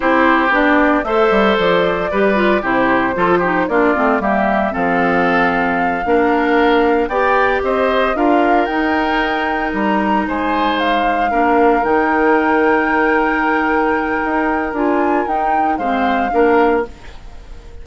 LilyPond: <<
  \new Staff \with { instrumentName = "flute" } { \time 4/4 \tempo 4 = 114 c''4 d''4 e''4 d''4~ | d''4 c''2 d''4 | e''4 f''2.~ | f''4. g''4 dis''4 f''8~ |
f''8 g''2 ais''4 gis''8~ | gis''8 f''2 g''4.~ | g''1 | gis''4 g''4 f''2 | }
  \new Staff \with { instrumentName = "oboe" } { \time 4/4 g'2 c''2 | b'4 g'4 a'8 g'8 f'4 | g'4 a'2~ a'8 ais'8~ | ais'4. d''4 c''4 ais'8~ |
ais'2.~ ais'8 c''8~ | c''4. ais'2~ ais'8~ | ais'1~ | ais'2 c''4 ais'4 | }
  \new Staff \with { instrumentName = "clarinet" } { \time 4/4 e'4 d'4 a'2 | g'8 f'8 e'4 f'8 dis'8 d'8 c'8 | ais4 c'2~ c'8 d'8~ | d'4. g'2 f'8~ |
f'8 dis'2.~ dis'8~ | dis'4. d'4 dis'4.~ | dis'1 | f'4 dis'4 c'4 d'4 | }
  \new Staff \with { instrumentName = "bassoon" } { \time 4/4 c'4 b4 a8 g8 f4 | g4 c4 f4 ais8 a8 | g4 f2~ f8 ais8~ | ais4. b4 c'4 d'8~ |
d'8 dis'2 g4 gis8~ | gis4. ais4 dis4.~ | dis2. dis'4 | d'4 dis'4 gis4 ais4 | }
>>